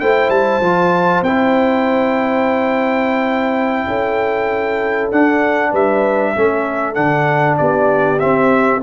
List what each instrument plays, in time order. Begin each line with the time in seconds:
0.00 tuba A3, trombone E4, horn C5, trumpet G5
0.29 tuba G3, trumpet A5
0.60 tuba F3, trombone F4
1.22 tuba C4, trombone E4, trumpet G5
3.87 tuba C#4, horn A4
5.11 tuba D4, trombone D4, trumpet F#5
5.71 tuba G3, horn B4, trumpet E5
6.35 tuba A3, trombone C#4, horn A4
6.94 tuba D3, trombone D4, trumpet F#5
7.57 tuba B3, horn G4, trumpet D5
8.19 trombone C4, tuba C4, trumpet E5